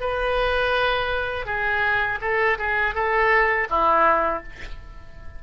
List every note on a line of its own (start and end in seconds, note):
0.00 1.46 B4
1.46 2.19 G#4
2.21 2.58 A4
2.58 2.94 G#4
2.94 3.68 A4
3.70 4.43 E4